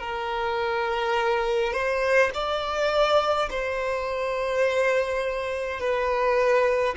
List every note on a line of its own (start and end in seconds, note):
0.00 1.73 A#4
1.73 2.30 C5
2.34 3.49 D5
3.50 5.80 C5
5.80 6.95 B4